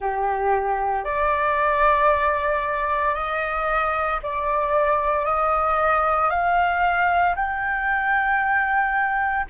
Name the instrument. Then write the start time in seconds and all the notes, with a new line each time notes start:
flute
0.00 G4
1.04 D5
3.14 D#5
4.22 D5
5.25 D#5
6.30 F5
7.35 G5